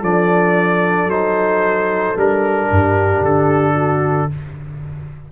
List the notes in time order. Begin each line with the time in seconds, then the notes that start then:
0.00 F3 D4 A4 D5
1.05 F#3 D#4 C5
2.16 G3 D4 A#4
2.71 G2 G4
3.21 D3 A4
3.74 F#4